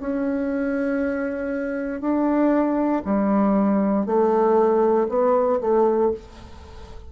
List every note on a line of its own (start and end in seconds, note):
0.00 2.01 C#4
2.01 3.03 D4
3.05 4.06 G3
4.06 5.08 A3
5.09 5.60 B3
5.61 6.12 A3